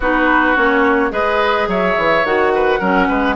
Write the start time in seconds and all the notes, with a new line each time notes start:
0.00 B3 D#4 F#4 B4
0.55 A#3 C#4 C#5
1.10 G#3 G#4 B4 D#5
1.67 F#3 C#5 E5
1.97 E3
2.24 D#3 F#4 F#5
2.54 B4
2.79 F#3 C#4 A#4
3.08 G#3 B4